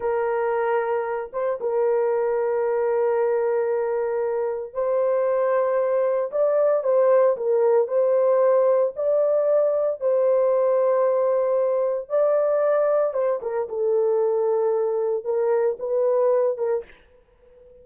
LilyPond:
\new Staff \with { instrumentName = "horn" } { \time 4/4 \tempo 4 = 114 ais'2~ ais'8 c''8 ais'4~ | ais'1~ | ais'4 c''2. | d''4 c''4 ais'4 c''4~ |
c''4 d''2 c''4~ | c''2. d''4~ | d''4 c''8 ais'8 a'2~ | a'4 ais'4 b'4. ais'8 | }